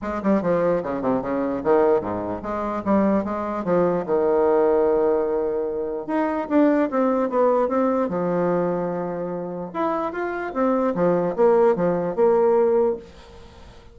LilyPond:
\new Staff \with { instrumentName = "bassoon" } { \time 4/4 \tempo 4 = 148 gis8 g8 f4 cis8 c8 cis4 | dis4 gis,4 gis4 g4 | gis4 f4 dis2~ | dis2. dis'4 |
d'4 c'4 b4 c'4 | f1 | e'4 f'4 c'4 f4 | ais4 f4 ais2 | }